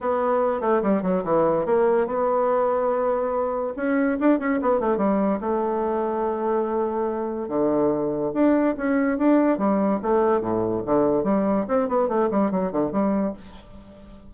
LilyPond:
\new Staff \with { instrumentName = "bassoon" } { \time 4/4 \tempo 4 = 144 b4. a8 g8 fis8 e4 | ais4 b2.~ | b4 cis'4 d'8 cis'8 b8 a8 | g4 a2.~ |
a2 d2 | d'4 cis'4 d'4 g4 | a4 a,4 d4 g4 | c'8 b8 a8 g8 fis8 d8 g4 | }